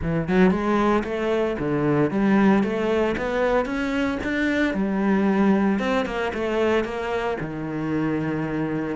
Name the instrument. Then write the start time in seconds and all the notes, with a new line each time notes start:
cello
0.01 E3
0.28 F#3
0.50 G#3
1.04 A3
1.59 D3
2.11 G3
2.63 A3
3.17 B3
3.65 C#4
4.23 D4
4.74 G3
5.79 C4
6.05 A#3
6.33 A3
6.84 A#3
7.40 D#3